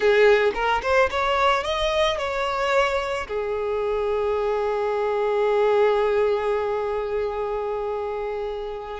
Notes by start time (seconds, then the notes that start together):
0.00 G#4
0.54 A#4
0.82 C5
1.10 C#5
1.63 D#5
2.18 C#5
3.27 G#4